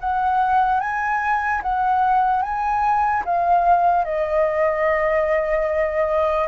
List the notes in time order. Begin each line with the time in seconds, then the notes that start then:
0.00 F#5
0.80 G#5
1.62 F#5
2.42 G#5
3.25 F5
4.04 D#5